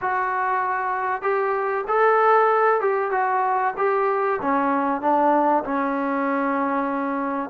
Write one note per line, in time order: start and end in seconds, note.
0.01 1.22 F#4
1.22 1.84 G4
1.87 2.81 A4
2.81 3.11 G4
3.11 3.73 F#4
3.77 4.39 G4
4.41 5.01 C#4
5.01 5.63 D4
5.64 7.50 C#4